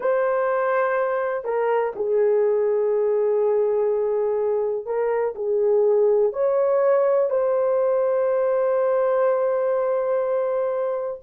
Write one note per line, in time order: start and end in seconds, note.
0.00 1.44 C5
1.44 1.93 A#4
1.95 4.85 G#4
4.85 5.34 A#4
5.35 6.32 G#4
6.33 7.30 C#5
7.30 11.20 C5